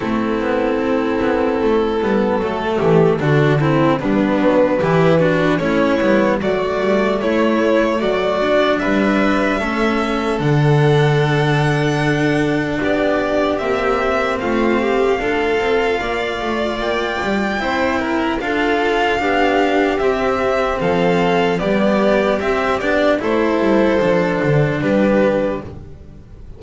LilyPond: <<
  \new Staff \with { instrumentName = "violin" } { \time 4/4 \tempo 4 = 75 a'1~ | a'4 b'2 cis''4 | d''4 cis''4 d''4 e''4~ | e''4 fis''2. |
d''4 e''4 f''2~ | f''4 g''2 f''4~ | f''4 e''4 f''4 d''4 | e''8 d''8 c''2 b'4 | }
  \new Staff \with { instrumentName = "violin" } { \time 4/4 e'2. a'8 g'8 | fis'8 e'8 d'4 g'8 fis'8 e'4 | fis'4 e'4 fis'4 b'4 | a'1 |
g'2 f'8 g'8 a'4 | d''2 c''8 ais'8 a'4 | g'2 a'4 g'4~ | g'4 a'2 g'4 | }
  \new Staff \with { instrumentName = "cello" } { \time 4/4 c'2~ c'8 b8 a4 | d'8 c'8 b4 e'8 d'8 cis'8 b8 | a2~ a8 d'4. | cis'4 d'2.~ |
d'4 c'2 f'4~ | f'2 e'4 f'4 | d'4 c'2 b4 | c'8 d'8 e'4 d'2 | }
  \new Staff \with { instrumentName = "double bass" } { \time 4/4 a8 b8 c'8 b8 a8 g8 fis8 e8 | d4 g8 fis8 e4 a8 g8 | fis8 g8 a4 fis4 g4 | a4 d2. |
b4 ais4 a4 d'8 c'8 | ais8 a8 ais8 g8 c'4 d'4 | b4 c'4 f4 g4 | c'8 b8 a8 g8 f8 d8 g4 | }
>>